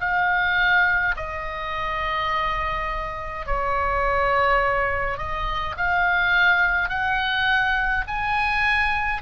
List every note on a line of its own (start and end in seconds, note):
0.00 1.15 F5
1.16 3.46 D#5
3.46 5.18 C#5
5.18 5.75 D#5
5.77 6.89 F5
6.89 8.05 F#5
8.07 9.22 G#5